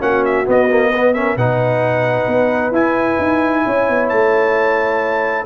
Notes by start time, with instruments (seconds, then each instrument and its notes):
0.00 tuba A#3, trombone C#4, horn F#4, trumpet F#5
0.25 trumpet E5
0.46 trombone B3, tuba B3, trumpet D#5
0.70 trombone A#3
0.90 trombone B3, horn B4
1.14 trombone C#4, horn A#4, trumpet E5
1.36 tuba B2, trombone D#4, horn B4, trumpet F#5
2.27 tuba B3
2.72 tuba E4, trombone E4, trumpet G#5
3.19 tuba D#4
3.67 tuba C#4, horn C#5
3.89 tuba B3
4.09 tuba A3, trumpet A5